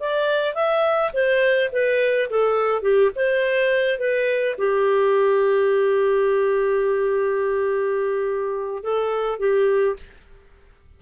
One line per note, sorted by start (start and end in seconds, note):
0.00 0.55 D5
0.55 1.12 E5
1.13 1.70 C5
1.72 2.30 B4
2.30 2.82 A4
2.82 3.11 G4
3.16 3.99 C5
3.99 4.56 B4
4.58 8.83 G4
8.83 9.39 A4
9.39 9.96 G4